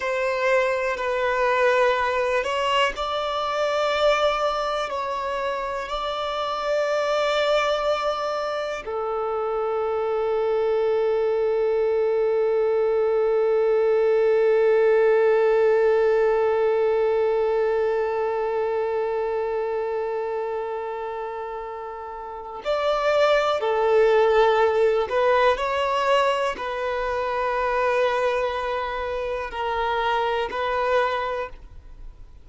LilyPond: \new Staff \with { instrumentName = "violin" } { \time 4/4 \tempo 4 = 61 c''4 b'4. cis''8 d''4~ | d''4 cis''4 d''2~ | d''4 a'2.~ | a'1~ |
a'1~ | a'2. d''4 | a'4. b'8 cis''4 b'4~ | b'2 ais'4 b'4 | }